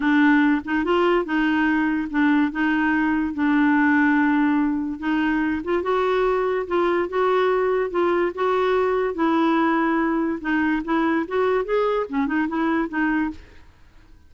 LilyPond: \new Staff \with { instrumentName = "clarinet" } { \time 4/4 \tempo 4 = 144 d'4. dis'8 f'4 dis'4~ | dis'4 d'4 dis'2 | d'1 | dis'4. f'8 fis'2 |
f'4 fis'2 f'4 | fis'2 e'2~ | e'4 dis'4 e'4 fis'4 | gis'4 cis'8 dis'8 e'4 dis'4 | }